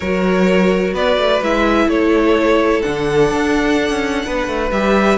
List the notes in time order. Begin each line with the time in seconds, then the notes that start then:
0.00 F#3 F#4 A#4 C#5
0.93 B3 B4 D5
1.17 A3
1.41 G#3 E4 E5
1.86 A3 A4 C#5
2.82 D3 D4 F#5
3.31 D4
3.90 C#4
4.25 B3 B4
4.47 A3
4.71 G3 G4 E5